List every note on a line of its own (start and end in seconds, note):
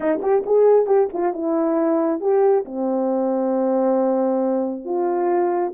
0.00 0.20 D#4
0.21 0.44 G4
0.46 0.86 G#4
0.86 1.08 G4
1.13 1.33 F4
1.33 2.20 E4
2.20 2.64 G4
2.65 4.84 C4
4.84 5.73 F4